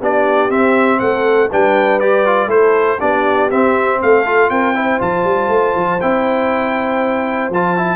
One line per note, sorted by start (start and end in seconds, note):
0.00 0.50 B3
0.00 0.50 D4
0.00 1.00 G4
0.00 0.51 D5
0.50 1.50 C4
0.50 1.00 C4
0.50 0.99 E5
0.99 1.51 A3
0.99 1.50 A4
0.99 1.49 F#5
1.50 2.47 G3
1.50 2.01 D4
1.50 2.49 B4
1.50 2.00 G5
2.00 2.26 G4
2.00 2.50 D5
2.26 2.49 F4
2.47 2.97 A3
2.47 2.99 E4
2.47 2.99 A4
2.47 3.00 C5
2.99 3.51 B3
2.99 3.50 D4
2.99 3.99 G4
2.99 3.50 D5
3.51 4.26 C4
3.51 4.01 C4
3.51 4.01 E5
4.02 4.50 A3
4.02 4.50 A4
4.02 4.50 F5
4.26 4.75 F4
4.50 5.00 C4
4.50 4.75 A#4
4.50 5.00 G5
4.75 4.99 E4
4.75 7.96 C5
4.99 5.24 F3
4.99 5.99 F4
4.99 6.01 A5
5.24 5.49 G3
5.49 5.74 A3
5.76 6.01 F3
6.01 7.50 C4
6.01 7.52 E4
6.01 7.51 G5
7.50 7.96 F3
7.50 7.77 F4
7.50 7.96 A5
7.77 7.96 E4